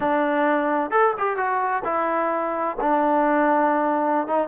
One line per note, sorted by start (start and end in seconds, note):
0.00 0.90 D4
0.90 1.13 A4
1.18 1.36 G4
1.36 1.82 F#4
1.84 2.77 E4
2.80 4.27 D4
4.27 4.48 D#4